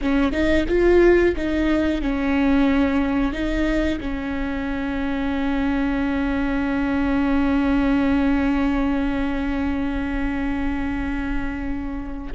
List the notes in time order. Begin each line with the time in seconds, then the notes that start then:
0.01 C#4
0.32 D#4
0.68 F4
1.36 D#4
2.01 C#4
3.32 D#4
4.00 C#4